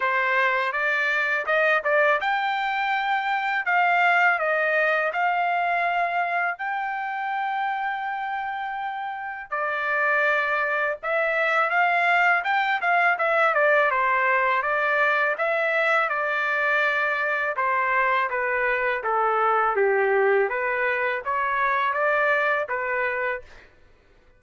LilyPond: \new Staff \with { instrumentName = "trumpet" } { \time 4/4 \tempo 4 = 82 c''4 d''4 dis''8 d''8 g''4~ | g''4 f''4 dis''4 f''4~ | f''4 g''2.~ | g''4 d''2 e''4 |
f''4 g''8 f''8 e''8 d''8 c''4 | d''4 e''4 d''2 | c''4 b'4 a'4 g'4 | b'4 cis''4 d''4 b'4 | }